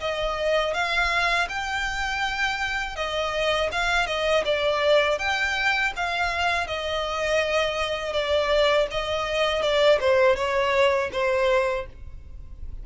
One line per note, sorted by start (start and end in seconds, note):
0.00 0.74 D#5
0.74 1.48 F5
1.49 2.96 G5
2.96 3.70 D#5
3.72 4.06 F5
4.06 4.43 D#5
4.45 5.19 D5
5.19 5.93 G5
5.96 6.67 F5
6.67 8.13 D#5
8.13 8.87 D5
8.91 9.62 D#5
9.62 9.99 D5
10.00 10.36 C5
10.36 11.10 C#5
11.12 11.86 C5